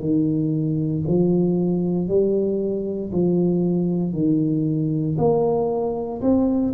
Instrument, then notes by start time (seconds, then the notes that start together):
tuba
0.00 D#3
1.08 F3
2.08 G3
3.12 F3
4.13 D#3
5.18 A#3
6.22 C4